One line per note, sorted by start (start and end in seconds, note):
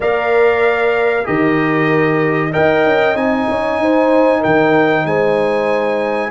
0.00 1.25 A#3
0.00 1.24 A#4
0.00 1.26 D5
0.00 1.26 F5
1.24 2.54 D#3
1.24 2.50 G4
1.24 2.51 A#4
1.24 2.52 D#5
2.51 2.85 D#4
2.51 3.15 A#4
2.51 3.46 D#5
2.51 3.16 G5
2.85 3.15 C#4
3.15 3.47 C4
3.15 6.31 D#4
3.15 4.42 G#5
3.48 3.79 C#4
3.48 3.81 C#5
3.79 4.42 D#4
3.79 4.39 C5
4.39 5.04 D#3
4.39 5.03 A#4
4.39 5.06 G5
5.04 6.31 G#3
5.04 6.31 C5
5.04 6.31 G#5